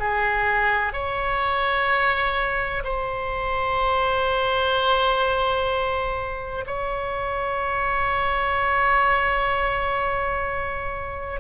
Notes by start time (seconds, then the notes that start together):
0.00 G#4
0.93 C#5
2.84 C5
6.67 C#5